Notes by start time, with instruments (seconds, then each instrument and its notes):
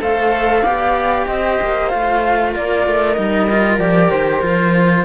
0.00 cello A3 A4, viola C5, flute F5
0.63 cello B3 G4, viola D5
1.27 cello C4, viola C5, flute D#5
1.63 cello A#3
1.89 cello A3 F4, flute F5
2.52 cello A#3, viola A#4, flute D5
2.88 cello A3
3.14 cello G3 D#4, flute D#5
3.50 cello F4
3.79 cello F3 G4, flute D5
4.11 cello D#3, flute C5
4.43 cello F3 F4